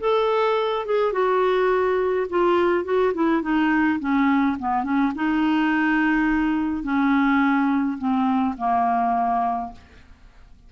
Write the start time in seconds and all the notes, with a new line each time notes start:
0.00 A4
0.86 G#4
1.13 F#4
2.30 F4
2.84 F#4
3.14 E4
3.42 D#4
4.00 C#4
4.59 B3
4.84 C#4
5.16 D#4
6.84 C#4
7.98 C4
8.58 A#3